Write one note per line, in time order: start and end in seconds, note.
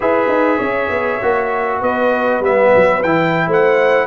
0.00 0.28 E4
0.00 1.21 G#4
0.00 0.57 B4
0.00 1.82 E5
0.28 0.58 D#4
0.57 0.89 C#4
0.57 1.78 C#5
0.89 1.19 B3
1.21 1.81 A#3
1.21 2.42 F#4
1.79 2.40 B3
1.79 3.46 B4
1.79 2.42 D#5
2.40 2.70 G3
2.40 3.03 B3
2.40 3.02 E5
2.75 3.04 F#3
3.02 3.47 E3
3.02 4.06 E4
3.02 3.48 G5
3.47 4.06 A3
3.47 4.06 C5
3.47 4.06 F#5